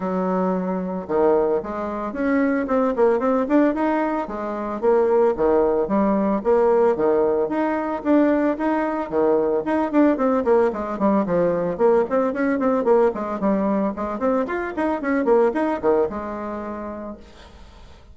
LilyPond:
\new Staff \with { instrumentName = "bassoon" } { \time 4/4 \tempo 4 = 112 fis2 dis4 gis4 | cis'4 c'8 ais8 c'8 d'8 dis'4 | gis4 ais4 dis4 g4 | ais4 dis4 dis'4 d'4 |
dis'4 dis4 dis'8 d'8 c'8 ais8 | gis8 g8 f4 ais8 c'8 cis'8 c'8 | ais8 gis8 g4 gis8 c'8 f'8 dis'8 | cis'8 ais8 dis'8 dis8 gis2 | }